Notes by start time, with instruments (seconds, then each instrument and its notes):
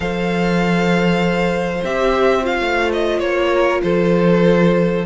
0.00 cello F3, viola A4, violin C5 F5
1.84 cello C4, viola G4, violin E5
2.42 viola F4, violin F5
2.60 cello A3
2.92 violin D#5
3.19 cello A#3, violin C#5
3.51 violin A#4
3.83 cello F3, violin A4 C5